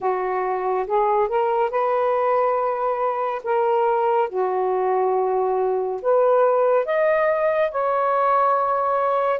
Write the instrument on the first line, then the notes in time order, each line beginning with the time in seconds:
saxophone
0.00 F#4
0.86 G#4
1.28 A#4
1.70 B4
3.43 A#4
4.29 F#4
6.02 B4
6.85 D#5
7.71 C#5